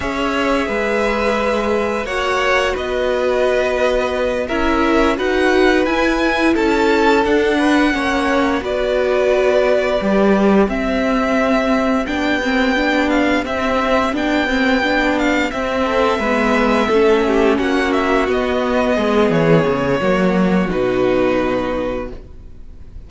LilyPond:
<<
  \new Staff \with { instrumentName = "violin" } { \time 4/4 \tempo 4 = 87 e''2. fis''4 | dis''2~ dis''8 e''4 fis''8~ | fis''8 gis''4 a''4 fis''4.~ | fis''8 d''2. e''8~ |
e''4. g''4. f''8 e''8~ | e''8 g''4. f''8 e''4.~ | e''4. fis''8 e''8 dis''4. | cis''2 b'2 | }
  \new Staff \with { instrumentName = "violin" } { \time 4/4 cis''4 b'2 cis''4 | b'2~ b'8 ais'4 b'8~ | b'4. a'4. b'8 cis''8~ | cis''8 b'2. g'8~ |
g'1~ | g'2. a'8 b'8~ | b'8 a'8 g'8 fis'2 gis'8~ | gis'4 fis'2. | }
  \new Staff \with { instrumentName = "viola" } { \time 4/4 gis'2. fis'4~ | fis'2~ fis'8 e'4 fis'8~ | fis'8 e'2 d'4 cis'8~ | cis'8 fis'2 g'4 c'8~ |
c'4. d'8 c'8 d'4 c'8~ | c'8 d'8 c'8 d'4 c'4 b8~ | b8 cis'2 b4.~ | b4 ais4 dis'2 | }
  \new Staff \with { instrumentName = "cello" } { \time 4/4 cis'4 gis2 ais4 | b2~ b8 cis'4 dis'8~ | dis'8 e'4 cis'4 d'4 ais8~ | ais8 b2 g4 c'8~ |
c'4. b2 c'8~ | c'8 b2 c'4 gis8~ | gis8 a4 ais4 b4 gis8 | e8 cis8 fis4 b,2 | }
>>